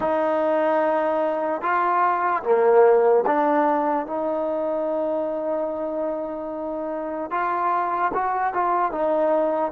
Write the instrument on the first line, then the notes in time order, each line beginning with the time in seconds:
trombone
0.00 D#4
1.61 F4
2.43 A#3
3.26 D4
4.06 D#4
7.30 F4
8.14 F#4
8.53 F4
8.92 D#4